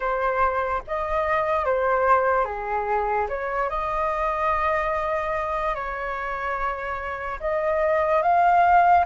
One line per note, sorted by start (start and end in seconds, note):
0.00 0.82 C5
0.87 1.65 D#5
1.65 2.44 C5
2.44 3.27 G#4
3.28 3.69 C#5
3.69 5.74 D#5
5.74 7.39 C#5
7.40 8.22 D#5
8.22 9.04 F5